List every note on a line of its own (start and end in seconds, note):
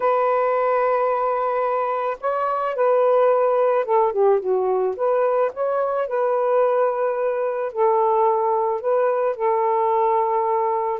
0.00 2.17 B4
2.20 2.75 C#5
2.75 3.85 B4
3.85 4.12 A4
4.12 4.40 G4
4.40 4.95 F#4
4.96 5.51 B4
5.53 6.07 C#5
6.07 7.72 B4
7.72 8.80 A4
8.80 9.36 B4
9.36 10.99 A4